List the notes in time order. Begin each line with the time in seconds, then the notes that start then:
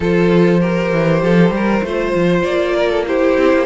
0.00 F3 F4 A4 C5
0.60 G4 A#4
0.92 E3
1.22 F3 A4
1.50 G3 A#4
1.82 A3 F4 C5
2.14 F3
2.42 A#3 D5
2.75 A#4
2.89 A4
3.06 E4 G4 C5
3.37 C4
3.53 A#3